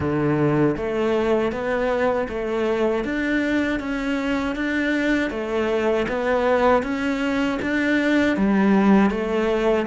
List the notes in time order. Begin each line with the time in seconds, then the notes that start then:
0.00 D3
0.76 A3
1.52 B3
2.28 A3
3.04 D4
3.79 C#4
4.55 D4
5.30 A3
6.08 B3
6.83 C#4
7.62 D4
8.36 G3
9.10 A3